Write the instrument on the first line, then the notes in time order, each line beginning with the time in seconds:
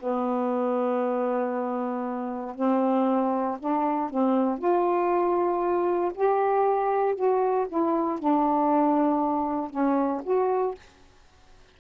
saxophone
0.00 B3
2.55 C4
3.59 D4
4.10 C4
4.58 F4
6.14 G4
7.15 F#4
7.69 E4
8.19 D4
9.71 C#4
10.24 F#4